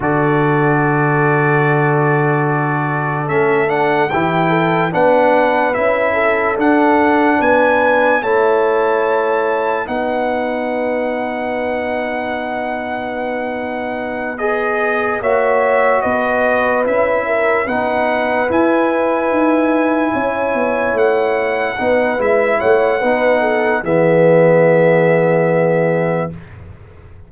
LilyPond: <<
  \new Staff \with { instrumentName = "trumpet" } { \time 4/4 \tempo 4 = 73 d''1 | e''8 fis''8 g''4 fis''4 e''4 | fis''4 gis''4 a''2 | fis''1~ |
fis''4. dis''4 e''4 dis''8~ | dis''8 e''4 fis''4 gis''4.~ | gis''4. fis''4. e''8 fis''8~ | fis''4 e''2. | }
  \new Staff \with { instrumentName = "horn" } { \time 4/4 a'1~ | a'4 g'8 a'8 b'4. a'8~ | a'4 b'4 cis''2 | b'1~ |
b'2~ b'8 cis''4 b'8~ | b'4 ais'8 b'2~ b'8~ | b'8 cis''2 b'4 cis''8 | b'8 a'8 gis'2. | }
  \new Staff \with { instrumentName = "trombone" } { \time 4/4 fis'1 | cis'8 d'8 e'4 d'4 e'4 | d'2 e'2 | dis'1~ |
dis'4. gis'4 fis'4.~ | fis'8 e'4 dis'4 e'4.~ | e'2~ e'8 dis'8 e'4 | dis'4 b2. | }
  \new Staff \with { instrumentName = "tuba" } { \time 4/4 d1 | a4 e4 b4 cis'4 | d'4 b4 a2 | b1~ |
b2~ b8 ais4 b8~ | b8 cis'4 b4 e'4 dis'8~ | dis'8 cis'8 b8 a4 b8 gis8 a8 | b4 e2. | }
>>